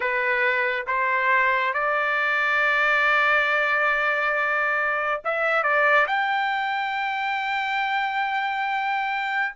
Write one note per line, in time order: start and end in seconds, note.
0.00 0.86 B4
0.87 1.74 C5
1.74 5.21 D5
5.24 5.63 E5
5.63 6.06 D5
6.07 9.55 G5